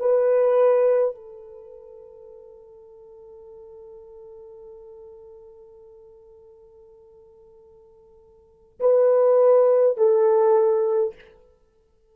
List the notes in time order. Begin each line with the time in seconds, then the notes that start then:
0.00 B4
1.16 A4
8.80 B4
9.98 A4